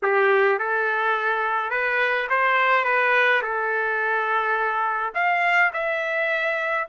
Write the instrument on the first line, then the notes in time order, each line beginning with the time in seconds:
trumpet
0.02 G4
0.58 A4
1.70 B4
2.29 C5
2.84 B4
3.41 A4
5.14 F5
5.73 E5